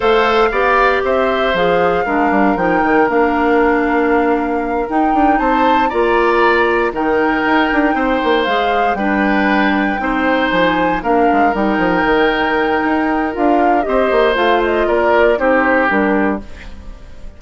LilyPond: <<
  \new Staff \with { instrumentName = "flute" } { \time 4/4 \tempo 4 = 117 f''2 e''4 f''4~ | f''4 g''4 f''2~ | f''4. g''4 a''4 ais''8~ | ais''4. g''2~ g''8~ |
g''8 f''4 g''2~ g''8~ | g''8 gis''4 f''4 g''4.~ | g''2 f''4 dis''4 | f''8 dis''8 d''4 c''4 ais'4 | }
  \new Staff \with { instrumentName = "oboe" } { \time 4/4 c''4 d''4 c''2 | ais'1~ | ais'2~ ais'8 c''4 d''8~ | d''4. ais'2 c''8~ |
c''4. b'2 c''8~ | c''4. ais'2~ ais'8~ | ais'2. c''4~ | c''4 ais'4 g'2 | }
  \new Staff \with { instrumentName = "clarinet" } { \time 4/4 a'4 g'2 gis'4 | d'4 dis'4 d'2~ | d'4. dis'2 f'8~ | f'4. dis'2~ dis'8~ |
dis'8 gis'4 d'2 dis'8~ | dis'4. d'4 dis'4.~ | dis'2 f'4 g'4 | f'2 dis'4 d'4 | }
  \new Staff \with { instrumentName = "bassoon" } { \time 4/4 a4 b4 c'4 f4 | gis8 g8 f8 dis8 ais2~ | ais4. dis'8 d'8 c'4 ais8~ | ais4. dis4 dis'8 d'8 c'8 |
ais8 gis4 g2 c'8~ | c'8 f4 ais8 gis8 g8 f8 dis8~ | dis4 dis'4 d'4 c'8 ais8 | a4 ais4 c'4 g4 | }
>>